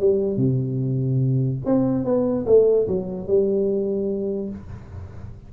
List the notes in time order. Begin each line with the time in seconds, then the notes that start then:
0.00 G3
0.37 C3
1.66 C4
2.05 B3
2.47 A3
2.88 F#3
3.28 G3